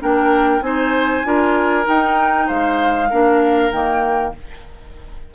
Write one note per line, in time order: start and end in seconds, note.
0.00 0.61 A#3
0.00 0.62 D4
0.00 0.64 A#4
0.00 0.62 G5
0.61 1.23 C4
0.61 1.23 D#4
0.61 1.27 C5
0.61 1.86 G#5
1.24 1.86 D4
1.24 1.84 F4
1.24 2.47 A#4
1.84 3.08 D#4
1.84 2.49 D#4
1.84 2.48 G5
2.47 3.11 G#3
2.47 3.09 C5
2.47 3.72 F5
3.10 3.72 A#3
3.10 3.72 D4
3.10 4.33 A#4
3.72 4.34 D#3
3.72 4.34 A#3
3.72 4.34 G5